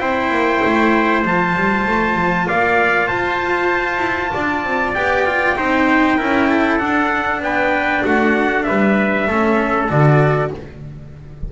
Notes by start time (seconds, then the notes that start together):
0.00 C4 E4 C5 G5
0.30 A#3
0.65 A3
1.25 F3 F4 A5
1.56 G3
1.87 A3
2.16 F3
2.48 A#3 D5 F5
3.07 F4 C5 A5
3.98 E4
4.34 D4 D5
4.64 C4
4.94 B3 G4 G5
5.26 F4
5.56 C4 D#4 C5
6.18 C#4 E4 A#4
6.50 A4
6.79 D4 F#5
7.41 B3 B4 G5
8.04 A3 F#4 F#5
8.64 G3 B4 E5
9.28 A3 C#4 A4
9.89 D3 F#4 D5